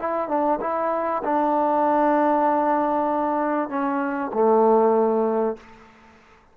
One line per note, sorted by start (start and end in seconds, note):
0.00 0.29 E4
0.29 0.60 D4
0.61 1.23 E4
1.24 3.69 D4
3.69 4.31 C#4
4.34 5.57 A3